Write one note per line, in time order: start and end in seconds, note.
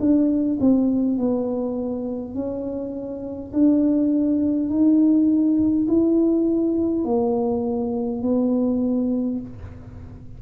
0.00 0.59 D4
0.61 1.18 C4
1.18 2.35 B3
2.35 3.52 C#4
3.53 4.70 D4
4.70 5.88 D#4
5.88 7.05 E4
7.05 8.23 A#3
8.23 9.41 B3